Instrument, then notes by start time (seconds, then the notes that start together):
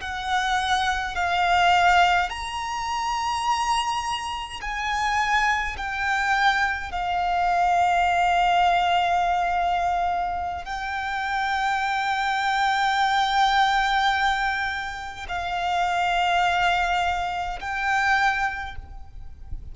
violin
0.00 F#5
1.15 F5
2.30 A#5
4.61 G#5
5.77 G5
6.91 F5
10.65 G5
15.28 F5
17.60 G5